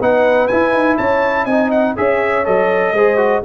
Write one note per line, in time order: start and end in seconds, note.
0.00 0.49 B3
0.00 0.50 D#4
0.00 0.97 B4
0.00 0.47 F#5
0.47 1.49 E4
0.47 0.73 E4
0.47 0.96 G#5
0.73 0.97 D#4
0.97 1.45 C#4
0.97 1.44 C#5
0.97 1.45 A5
1.44 1.94 C4
1.44 1.96 D#4
1.44 1.93 D#5
1.44 1.70 G#5
1.71 1.95 F#5
1.96 2.47 C#4
1.96 2.44 G#4
1.96 2.94 C#5
1.96 2.45 E5
2.44 2.92 F#3
2.44 2.93 A4
2.44 3.43 D#5
2.92 3.41 G#3
2.92 3.17 G#4
2.92 3.43 C5
3.17 3.41 F#4